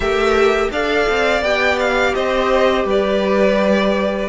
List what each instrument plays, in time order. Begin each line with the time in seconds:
0.00 cello A3, violin G4 E5, viola A#4
0.71 cello D4, viola A4, violin D5 F5
1.08 cello C4
1.42 cello B3, viola G4, violin G5
1.79 violin F5
2.14 cello C4, violin C5 D#5
2.84 cello G3, violin B4 D5